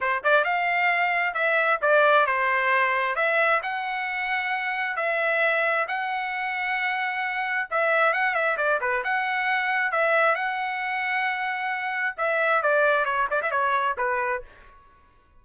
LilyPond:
\new Staff \with { instrumentName = "trumpet" } { \time 4/4 \tempo 4 = 133 c''8 d''8 f''2 e''4 | d''4 c''2 e''4 | fis''2. e''4~ | e''4 fis''2.~ |
fis''4 e''4 fis''8 e''8 d''8 b'8 | fis''2 e''4 fis''4~ | fis''2. e''4 | d''4 cis''8 d''16 e''16 cis''4 b'4 | }